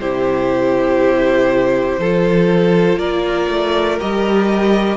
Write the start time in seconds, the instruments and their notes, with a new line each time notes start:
0.00 cello C3, viola E4, violin G4 C5
1.98 cello F3, viola F4, violin A4
2.97 cello A#3, violin A#4 D5
3.49 cello A3
4.00 cello G3, viola G4, violin D#5